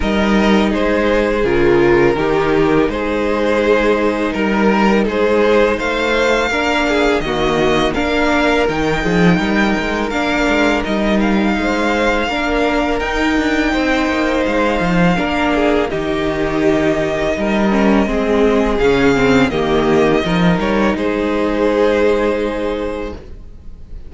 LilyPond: <<
  \new Staff \with { instrumentName = "violin" } { \time 4/4 \tempo 4 = 83 dis''4 c''4 ais'2 | c''2 ais'4 c''4 | f''2 dis''4 f''4 | g''2 f''4 dis''8 f''8~ |
f''2 g''2 | f''2 dis''2~ | dis''2 f''4 dis''4~ | dis''8 cis''8 c''2. | }
  \new Staff \with { instrumentName = "violin" } { \time 4/4 ais'4 gis'2 g'4 | gis'2 ais'4 gis'4 | c''4 ais'8 gis'8 fis'4 ais'4~ | ais'8 gis'8 ais'2. |
c''4 ais'2 c''4~ | c''4 ais'8 gis'8 g'2 | ais'4 gis'2 g'4 | ais'4 gis'2. | }
  \new Staff \with { instrumentName = "viola" } { \time 4/4 dis'2 f'4 dis'4~ | dis'1~ | dis'4 d'4 ais4 d'4 | dis'2 d'4 dis'4~ |
dis'4 d'4 dis'2~ | dis'4 d'4 dis'2~ | dis'8 cis'8 c'4 cis'8 c'8 ais4 | dis'1 | }
  \new Staff \with { instrumentName = "cello" } { \time 4/4 g4 gis4 cis4 dis4 | gis2 g4 gis4 | a4 ais4 dis4 ais4 | dis8 f8 g8 gis8 ais8 gis8 g4 |
gis4 ais4 dis'8 d'8 c'8 ais8 | gis8 f8 ais4 dis2 | g4 gis4 cis4 dis4 | f8 g8 gis2. | }
>>